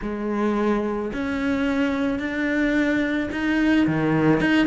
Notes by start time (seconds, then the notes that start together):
0.02 G#3
1.13 C#4
2.19 D4
3.31 D#4
3.86 D#3
4.40 D#4